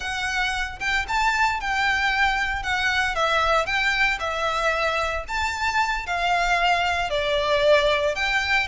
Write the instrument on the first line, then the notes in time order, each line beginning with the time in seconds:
violin
0.00 F#5
0.79 G5
1.08 A5
1.60 G5
2.62 F#5
3.15 E5
3.66 G5
4.19 E5
5.28 A5
6.06 F5
7.09 D5
8.15 G5